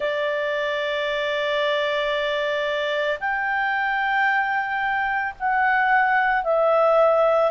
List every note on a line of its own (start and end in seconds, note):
0.00 3.18 D5
3.19 5.34 G5
5.39 6.43 F#5
6.43 7.50 E5